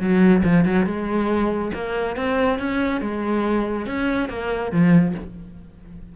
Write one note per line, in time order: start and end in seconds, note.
0.00 0.43 F#3
0.43 0.65 F3
0.65 0.86 F#3
0.86 1.72 G#3
1.74 2.16 A#3
2.16 2.59 C4
2.59 3.01 C#4
3.01 3.86 G#3
3.86 4.29 C#4
4.29 4.72 A#3
4.72 5.15 F3